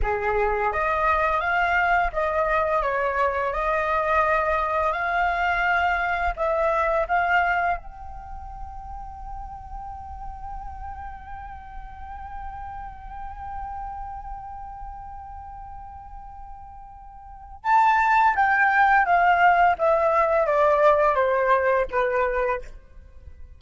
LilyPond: \new Staff \with { instrumentName = "flute" } { \time 4/4 \tempo 4 = 85 gis'4 dis''4 f''4 dis''4 | cis''4 dis''2 f''4~ | f''4 e''4 f''4 g''4~ | g''1~ |
g''1~ | g''1~ | g''4 a''4 g''4 f''4 | e''4 d''4 c''4 b'4 | }